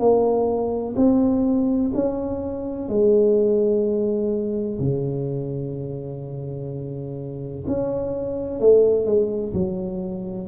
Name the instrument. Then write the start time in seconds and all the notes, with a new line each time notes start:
tuba
0.00 A#3
0.97 C4
1.95 C#4
2.89 G#3
4.80 C#3
7.68 C#4
8.60 A3
9.06 G#3
9.54 F#3